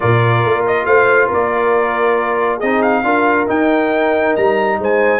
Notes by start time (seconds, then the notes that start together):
0.00 A#2 F4 A#4 D5
0.44 A#3
0.66 D#5
0.85 A3 C5 F5
1.27 A#3 A#4
1.33 D5
2.57 C4 G#4 D#5
2.64 D#4
2.81 F5
3.03 D4 F4 A#4
3.47 D#4 G5
4.36 G3 A#5
4.78 G#3 C5 G#5